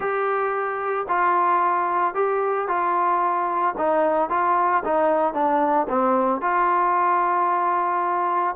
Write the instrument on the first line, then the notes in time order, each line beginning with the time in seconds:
trombone
0.00 G4
1.08 F4
2.14 G4
2.67 F4
3.77 D#4
4.29 F4
4.84 D#4
5.33 D4
5.88 C4
6.41 F4